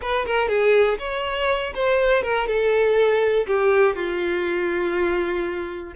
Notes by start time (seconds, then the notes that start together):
0.01 B4
0.26 A#4
0.48 G#4
0.98 C#5
1.74 C5
2.22 A#4
2.47 A4
3.47 G4
3.95 F4